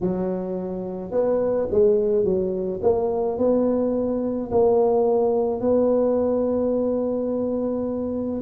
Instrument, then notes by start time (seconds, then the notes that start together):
tuba
0.00 F#3
1.11 B3
1.70 G#3
2.24 F#3
2.82 A#3
3.38 B3
4.51 A#3
5.60 B3